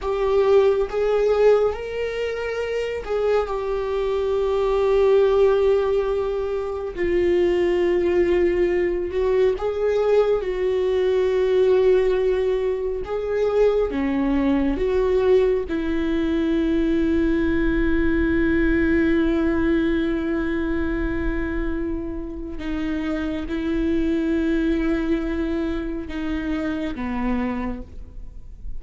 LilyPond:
\new Staff \with { instrumentName = "viola" } { \time 4/4 \tempo 4 = 69 g'4 gis'4 ais'4. gis'8 | g'1 | f'2~ f'8 fis'8 gis'4 | fis'2. gis'4 |
cis'4 fis'4 e'2~ | e'1~ | e'2 dis'4 e'4~ | e'2 dis'4 b4 | }